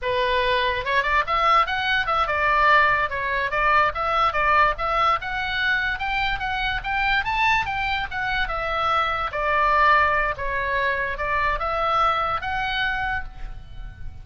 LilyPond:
\new Staff \with { instrumentName = "oboe" } { \time 4/4 \tempo 4 = 145 b'2 cis''8 d''8 e''4 | fis''4 e''8 d''2 cis''8~ | cis''8 d''4 e''4 d''4 e''8~ | e''8 fis''2 g''4 fis''8~ |
fis''8 g''4 a''4 g''4 fis''8~ | fis''8 e''2 d''4.~ | d''4 cis''2 d''4 | e''2 fis''2 | }